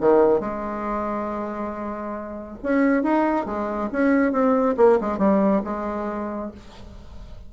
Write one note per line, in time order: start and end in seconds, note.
0.00 0.40 D#3
0.40 2.58 G#3
2.63 3.03 C#4
3.03 3.46 D#4
3.46 3.89 G#3
3.92 4.32 C#4
4.32 4.75 C4
4.77 4.99 A#3
5.01 5.18 G#3
5.18 5.61 G3
5.64 6.51 G#3